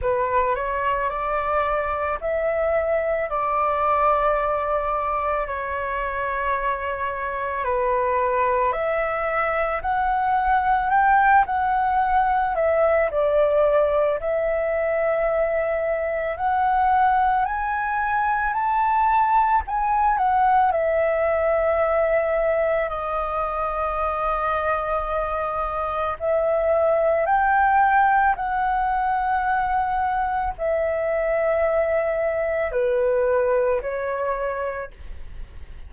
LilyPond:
\new Staff \with { instrumentName = "flute" } { \time 4/4 \tempo 4 = 55 b'8 cis''8 d''4 e''4 d''4~ | d''4 cis''2 b'4 | e''4 fis''4 g''8 fis''4 e''8 | d''4 e''2 fis''4 |
gis''4 a''4 gis''8 fis''8 e''4~ | e''4 dis''2. | e''4 g''4 fis''2 | e''2 b'4 cis''4 | }